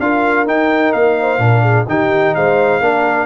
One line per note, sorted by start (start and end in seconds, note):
0.00 0.47 D4
0.00 0.47 F4
0.00 1.20 A#4
0.00 0.47 F5
0.47 0.94 D#4
0.47 1.39 D#4
0.47 0.93 G5
0.93 1.39 A#3
0.93 1.86 F5
1.20 1.43 C5
1.39 1.86 A#2
1.39 1.86 D4
1.39 1.62 A#4
1.62 1.86 G#4
1.88 2.35 D#3
1.88 2.82 D#4
1.88 2.36 G4
1.88 2.35 G5
2.35 2.80 G#3
2.35 2.82 C5
2.35 3.26 F5
2.80 3.26 A#3
2.80 3.26 D4
2.80 3.26 A#4